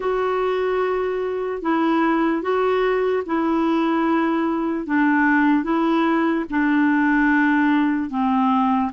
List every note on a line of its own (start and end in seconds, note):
0.00 1.62 F#4
1.62 2.41 E4
2.41 3.22 F#4
3.26 4.86 E4
4.86 5.63 D4
5.63 6.44 E4
6.50 8.10 D4
8.10 8.91 C4